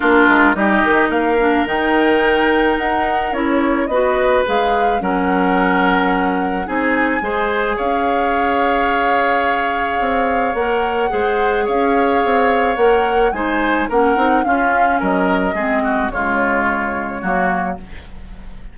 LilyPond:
<<
  \new Staff \with { instrumentName = "flute" } { \time 4/4 \tempo 4 = 108 ais'4 dis''4 f''4 g''4~ | g''4 fis''4 cis''4 dis''4 | f''4 fis''2. | gis''2 f''2~ |
f''2. fis''4~ | fis''4 f''2 fis''4 | gis''4 fis''4 f''4 dis''4~ | dis''4 cis''2. | }
  \new Staff \with { instrumentName = "oboe" } { \time 4/4 f'4 g'4 ais'2~ | ais'2. b'4~ | b'4 ais'2. | gis'4 c''4 cis''2~ |
cis''1 | c''4 cis''2. | c''4 ais'4 f'4 ais'4 | gis'8 fis'8 f'2 fis'4 | }
  \new Staff \with { instrumentName = "clarinet" } { \time 4/4 d'4 dis'4. d'8 dis'4~ | dis'2 e'4 fis'4 | gis'4 cis'2. | dis'4 gis'2.~ |
gis'2. ais'4 | gis'2. ais'4 | dis'4 cis'8 dis'8 cis'2 | c'4 gis2 ais4 | }
  \new Staff \with { instrumentName = "bassoon" } { \time 4/4 ais8 gis8 g8 dis8 ais4 dis4~ | dis4 dis'4 cis'4 b4 | gis4 fis2. | c'4 gis4 cis'2~ |
cis'2 c'4 ais4 | gis4 cis'4 c'4 ais4 | gis4 ais8 c'8 cis'4 fis4 | gis4 cis2 fis4 | }
>>